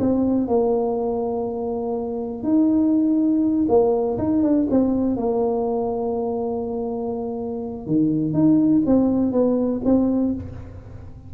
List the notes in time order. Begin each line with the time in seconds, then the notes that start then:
0.00 C4
0.48 A#3
2.44 D#4
3.69 A#3
4.18 D#4
4.43 D4
4.71 C4
5.17 A#3
7.87 D#3
8.34 D#4
8.86 C4
9.32 B3
9.85 C4